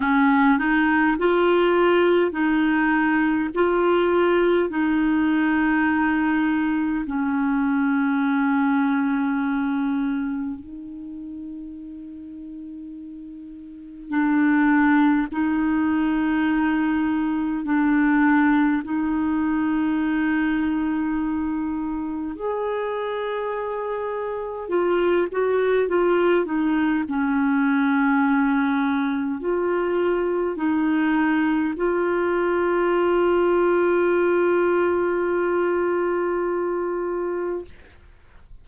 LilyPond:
\new Staff \with { instrumentName = "clarinet" } { \time 4/4 \tempo 4 = 51 cis'8 dis'8 f'4 dis'4 f'4 | dis'2 cis'2~ | cis'4 dis'2. | d'4 dis'2 d'4 |
dis'2. gis'4~ | gis'4 f'8 fis'8 f'8 dis'8 cis'4~ | cis'4 f'4 dis'4 f'4~ | f'1 | }